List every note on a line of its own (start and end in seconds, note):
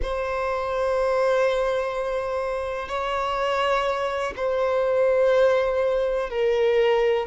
0.02 2.88 C5
2.88 4.33 C#5
4.36 6.29 C5
6.29 7.26 A#4